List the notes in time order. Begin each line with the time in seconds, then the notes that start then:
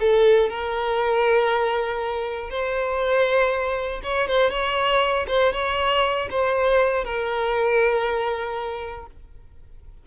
0.00 A4
0.50 A#4
2.50 C5
4.03 C#5
4.28 C5
4.50 C#5
5.28 C5
5.53 C#5
6.30 C5
7.05 A#4